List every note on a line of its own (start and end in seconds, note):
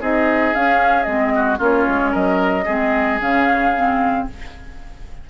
0.00 0.54 C4
0.00 0.54 D#4
0.00 1.33 G#4
0.00 0.54 D#5
0.54 1.06 C#4
0.54 1.03 F5
1.03 1.59 G#3
1.03 1.57 C4
1.03 1.56 D#5
1.35 1.58 F#4
1.57 1.85 A#3
1.57 2.63 C#4
1.57 2.11 F4
1.57 2.13 C#5
1.87 2.14 G#3
2.11 2.67 F#3
2.11 2.64 A#4
2.11 3.20 D#5
2.64 3.20 G#3
2.64 3.19 C4
2.64 4.24 G#4
3.19 4.26 C#3
3.19 3.72 C#4
3.19 4.27 F5
3.76 4.29 C4